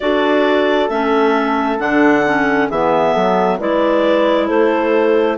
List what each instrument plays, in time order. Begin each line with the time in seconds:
0.00 bassoon D4, clarinet F#4 D5, horn A4
0.89 bassoon A3, clarinet C#4 E5
1.79 bassoon D3, clarinet D4 F#5
2.26 clarinet C#4
2.69 bassoon E3, clarinet B3 E5, horn G#4
3.13 bassoon F#3, horn A4
3.58 bassoon G#3, clarinet E4 D5, horn B4
4.46 bassoon A3, horn A4, clarinet C5